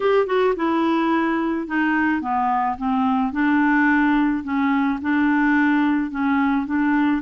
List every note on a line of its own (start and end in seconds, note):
0.00 0.26 G4
0.26 0.54 F#4
0.56 1.67 E4
1.67 2.21 D#4
2.21 2.76 B3
2.77 3.32 C4
3.32 4.43 D4
4.43 4.98 C#4
5.01 6.10 D4
6.10 6.66 C#4
6.66 7.21 D4